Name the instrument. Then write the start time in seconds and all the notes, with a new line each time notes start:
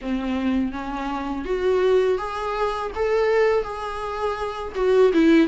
viola
0.01 C4
0.72 C#4
1.44 F#4
2.18 G#4
2.95 A4
3.63 G#4
4.75 F#4
5.13 E4